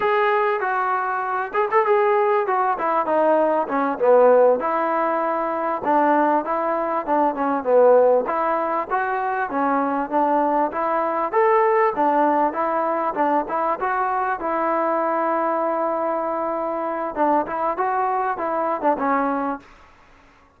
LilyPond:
\new Staff \with { instrumentName = "trombone" } { \time 4/4 \tempo 4 = 98 gis'4 fis'4. gis'16 a'16 gis'4 | fis'8 e'8 dis'4 cis'8 b4 e'8~ | e'4. d'4 e'4 d'8 | cis'8 b4 e'4 fis'4 cis'8~ |
cis'8 d'4 e'4 a'4 d'8~ | d'8 e'4 d'8 e'8 fis'4 e'8~ | e'1 | d'8 e'8 fis'4 e'8. d'16 cis'4 | }